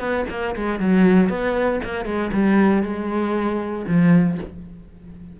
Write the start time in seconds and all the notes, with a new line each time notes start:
0.00 B3
0.30 A#3
0.56 G#3
0.80 F#3
1.29 B3
1.84 A#3
2.06 G#3
2.33 G3
2.83 G#3
3.88 F3